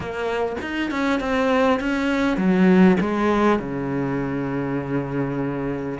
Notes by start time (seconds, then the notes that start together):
0.00 A#3
0.61 D#4
0.90 C#4
1.19 C4
1.80 C#4
2.37 F#3
3.00 G#3
3.59 C#3